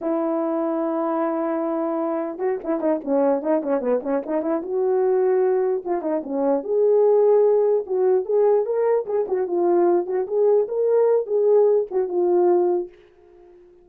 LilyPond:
\new Staff \with { instrumentName = "horn" } { \time 4/4 \tempo 4 = 149 e'1~ | e'2 fis'8 e'8 dis'8 cis'8~ | cis'8 dis'8 cis'8 b8 cis'8 dis'8 e'8 fis'8~ | fis'2~ fis'8 f'8 dis'8 cis'8~ |
cis'8 gis'2. fis'8~ | fis'8 gis'4 ais'4 gis'8 fis'8 f'8~ | f'4 fis'8 gis'4 ais'4. | gis'4. fis'8 f'2 | }